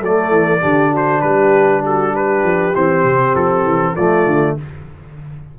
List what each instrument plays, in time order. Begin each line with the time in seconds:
0.00 tuba F#3, trombone A3, horn A4, trumpet D5
0.31 tuba E3
0.61 tuba D3, trombone D4, horn G4
0.92 horn F#4, trumpet C5
1.21 tuba G3, horn G4, trumpet B4
1.85 horn F#4, trumpet A4
2.13 horn G4, trumpet B4
2.43 tuba F3
2.75 tuba E3, trombone C4, trumpet C5
3.04 tuba C3
3.36 tuba F3, trumpet A4
3.64 tuba E3
3.96 tuba F3, trombone A3, horn F4, trumpet D5
4.26 tuba D3